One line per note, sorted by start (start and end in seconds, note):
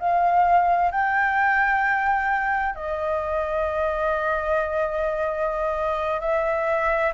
0.00 0.92 F5
0.92 2.76 G5
2.76 6.21 D#5
6.21 7.13 E5